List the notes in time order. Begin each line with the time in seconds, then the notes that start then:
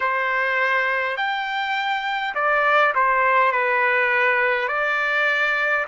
0.00 C5
1.17 G5
2.34 D5
2.94 C5
3.52 B4
4.67 D5